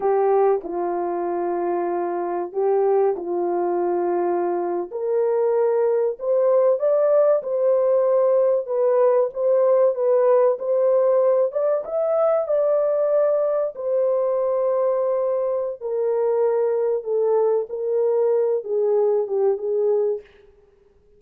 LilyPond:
\new Staff \with { instrumentName = "horn" } { \time 4/4 \tempo 4 = 95 g'4 f'2. | g'4 f'2~ f'8. ais'16~ | ais'4.~ ais'16 c''4 d''4 c''16~ | c''4.~ c''16 b'4 c''4 b'16~ |
b'8. c''4. d''8 e''4 d''16~ | d''4.~ d''16 c''2~ c''16~ | c''4 ais'2 a'4 | ais'4. gis'4 g'8 gis'4 | }